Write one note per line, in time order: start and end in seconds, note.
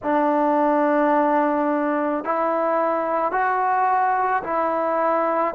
0.03 2.24 D4
2.24 3.31 E4
3.31 4.42 F#4
4.43 5.54 E4